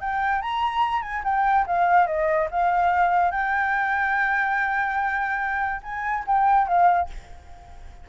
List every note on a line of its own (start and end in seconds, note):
0.00 0.41 G5
0.41 1.02 A#5
1.02 1.22 G#5
1.24 1.65 G5
1.66 2.06 F5
2.06 2.48 D#5
2.50 3.31 F5
3.31 5.81 G5
5.82 6.24 G#5
6.26 6.67 G5
6.67 7.09 F5